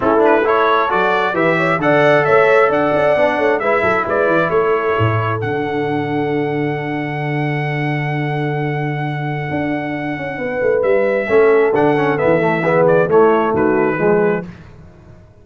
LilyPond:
<<
  \new Staff \with { instrumentName = "trumpet" } { \time 4/4 \tempo 4 = 133 a'8 b'8 cis''4 d''4 e''4 | fis''4 e''4 fis''2 | e''4 d''4 cis''2 | fis''1~ |
fis''1~ | fis''1 | e''2 fis''4 e''4~ | e''8 d''8 cis''4 b'2 | }
  \new Staff \with { instrumentName = "horn" } { \time 4/4 e'4 a'2 b'8 cis''8 | d''4 cis''4 d''4. cis''8 | b'8 a'8 b'4 a'2~ | a'1~ |
a'1~ | a'2. b'4~ | b'4 a'2. | gis'4 e'4 fis'4 gis'4 | }
  \new Staff \with { instrumentName = "trombone" } { \time 4/4 cis'8 d'8 e'4 fis'4 g'4 | a'2. d'4 | e'1 | d'1~ |
d'1~ | d'1~ | d'4 cis'4 d'8 cis'8 b8 a8 | b4 a2 gis4 | }
  \new Staff \with { instrumentName = "tuba" } { \time 4/4 a2 fis4 e4 | d4 a4 d'8 cis'8 b8 a8 | gis8 fis8 gis8 e8 a4 a,4 | d1~ |
d1~ | d4 d'4. cis'8 b8 a8 | g4 a4 d4 e4~ | e4 a4 dis4 f4 | }
>>